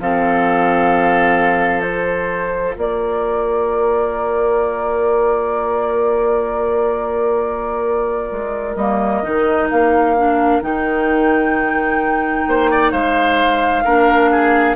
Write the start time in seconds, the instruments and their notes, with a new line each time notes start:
0.00 bassoon F3, clarinet C4, oboe A4, flute F5
1.82 clarinet F4, flute C5
2.77 bassoon A#3, oboe A#4, flute D5
8.32 bassoon G#3
8.76 bassoon G3, clarinet A#3, flute D#5
9.24 bassoon D#3, clarinet D#4
9.71 bassoon A#3, flute F5
10.18 clarinet D4
10.62 bassoon D#3, clarinet D#4, flute G5
12.47 bassoon A#3, oboe C5
12.71 oboe D5
12.92 bassoon G#3, oboe C5, flute F5
13.85 bassoon A#3, clarinet D4, oboe A#4
14.32 oboe G#4